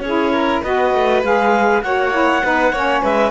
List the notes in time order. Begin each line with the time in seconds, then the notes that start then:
0.00 C#4 E4 G#4 C#5
0.33 A#4
0.63 B3 F#4 B4 D#5
0.94 A3
1.23 G#3 G#4 F5
1.82 A#3 F#4 C#5 F#5
2.12 E4
2.43 B3 D#4 B4
2.72 A#3 C#4 C#5
3.02 G#3 B4 E5